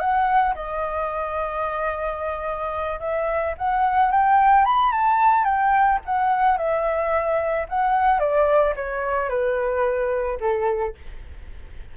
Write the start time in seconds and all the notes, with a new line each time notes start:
0.00 F#5
0.55 D#5
3.00 E5
3.58 F#5
4.12 G5
4.65 B5
4.92 A5
5.45 G5
6.06 F#5
6.58 E5
7.69 F#5
8.20 D5
8.76 C#5
9.30 B4
10.40 A4